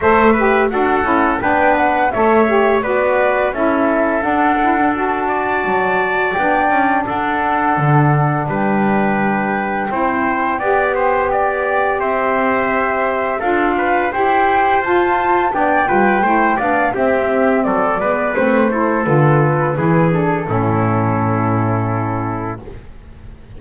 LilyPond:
<<
  \new Staff \with { instrumentName = "flute" } { \time 4/4 \tempo 4 = 85 e''4 fis''4 g''8 fis''8 e''4 | d''4 e''4 fis''4 a''4~ | a''4 g''4 fis''2 | g''1~ |
g''4 e''2 f''4 | g''4 a''4 g''4. f''8 | e''4 d''4 c''4 b'4~ | b'8 a'2.~ a'8 | }
  \new Staff \with { instrumentName = "trumpet" } { \time 4/4 c''8 b'8 a'4 b'4 cis''4 | b'4 a'2~ a'8 d''8~ | d''2 a'2 | b'2 c''4 d''8 c''8 |
d''4 c''2 a'8 b'8 | c''2 d''8 b'8 c''8 d''8 | g'4 a'8 b'4 a'4. | gis'4 e'2. | }
  \new Staff \with { instrumentName = "saxophone" } { \time 4/4 a'8 g'8 fis'8 e'8 d'4 a'8 g'8 | fis'4 e'4 d'8 e'16 d'16 fis'4~ | fis'4 d'2.~ | d'2 e'4 g'4~ |
g'2. f'4 | g'4 f'4 d'8 f'8 e'8 d'8 | c'4. b8 c'8 e'8 f'4 | e'8 d'8 cis'2. | }
  \new Staff \with { instrumentName = "double bass" } { \time 4/4 a4 d'8 cis'8 b4 a4 | b4 cis'4 d'2 | fis4 b8 cis'8 d'4 d4 | g2 c'4 b4~ |
b4 c'2 d'4 | e'4 f'4 b8 g8 a8 b8 | c'4 fis8 gis8 a4 d4 | e4 a,2. | }
>>